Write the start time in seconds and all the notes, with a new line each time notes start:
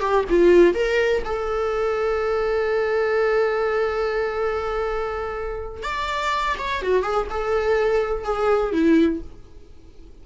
0.00 G4
0.30 F4
0.74 A#4
1.24 A4
5.83 D5
6.58 C#5
6.82 F#4
7.03 G#4
7.30 A4
8.24 G#4
8.73 E4